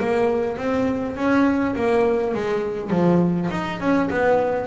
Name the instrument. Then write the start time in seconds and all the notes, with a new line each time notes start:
double bass
0.00 A#3
0.58 C4
1.17 C#4
1.76 A#3
2.34 G#3
2.91 F3
3.51 D#4
3.80 C#4
4.11 B3